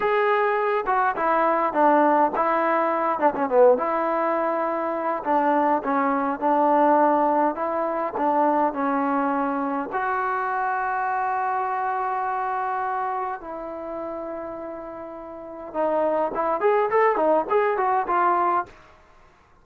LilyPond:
\new Staff \with { instrumentName = "trombone" } { \time 4/4 \tempo 4 = 103 gis'4. fis'8 e'4 d'4 | e'4. d'16 cis'16 b8 e'4.~ | e'4 d'4 cis'4 d'4~ | d'4 e'4 d'4 cis'4~ |
cis'4 fis'2.~ | fis'2. e'4~ | e'2. dis'4 | e'8 gis'8 a'8 dis'8 gis'8 fis'8 f'4 | }